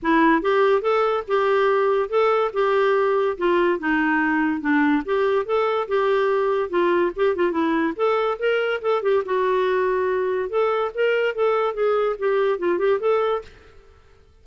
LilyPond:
\new Staff \with { instrumentName = "clarinet" } { \time 4/4 \tempo 4 = 143 e'4 g'4 a'4 g'4~ | g'4 a'4 g'2 | f'4 dis'2 d'4 | g'4 a'4 g'2 |
f'4 g'8 f'8 e'4 a'4 | ais'4 a'8 g'8 fis'2~ | fis'4 a'4 ais'4 a'4 | gis'4 g'4 f'8 g'8 a'4 | }